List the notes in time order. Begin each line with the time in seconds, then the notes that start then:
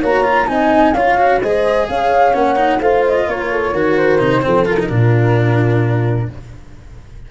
0.00 A#3 F#4 C#5 A#5
0.24 F4
0.47 C4 D#4 D#5 G#5
0.93 C#4 F4 C#5 F5
1.17 F#4
1.41 G#3 G#4 C5 D#5
1.89 C#4 C#5 F5
2.33 A#3 C#4 F#5
2.55 D#4
2.80 A3 F4 C5 F5
3.07 D#5
3.28 A#3 A#4 C#5
3.51 A4
3.72 D#3 F#4 A#4
3.97 C5
4.19 C3 D#4
4.42 F3 C4 A4
4.65 F4 A#4
4.79 D#4
4.89 A#2 D4 F4